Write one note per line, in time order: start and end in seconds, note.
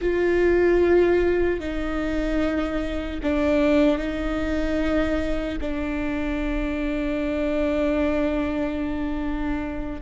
0.01 1.60 F4
1.60 3.20 D#4
3.22 3.98 D4
3.98 5.58 D#4
5.60 10.00 D4